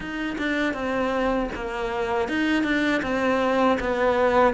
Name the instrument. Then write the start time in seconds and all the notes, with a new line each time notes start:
cello
0.00 D#4
0.38 D4
0.73 C4
1.55 A#3
2.28 D#4
2.63 D4
3.02 C4
3.80 B3